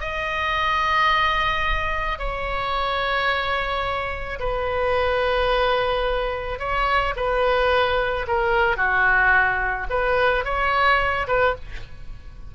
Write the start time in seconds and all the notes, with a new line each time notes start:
0.00 D#5
2.19 C#5
4.39 B4
6.59 C#5
7.16 B4
8.27 A#4
8.77 F#4
9.90 B4
10.44 C#5
11.27 B4